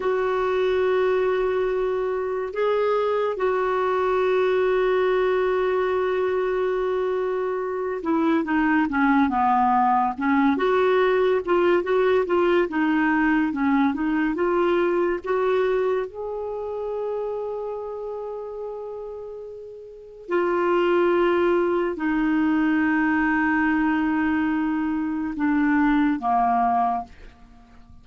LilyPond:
\new Staff \with { instrumentName = "clarinet" } { \time 4/4 \tempo 4 = 71 fis'2. gis'4 | fis'1~ | fis'4. e'8 dis'8 cis'8 b4 | cis'8 fis'4 f'8 fis'8 f'8 dis'4 |
cis'8 dis'8 f'4 fis'4 gis'4~ | gis'1 | f'2 dis'2~ | dis'2 d'4 ais4 | }